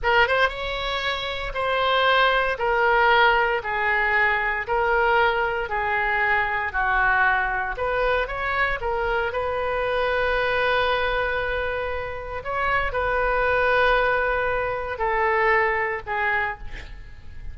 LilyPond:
\new Staff \with { instrumentName = "oboe" } { \time 4/4 \tempo 4 = 116 ais'8 c''8 cis''2 c''4~ | c''4 ais'2 gis'4~ | gis'4 ais'2 gis'4~ | gis'4 fis'2 b'4 |
cis''4 ais'4 b'2~ | b'1 | cis''4 b'2.~ | b'4 a'2 gis'4 | }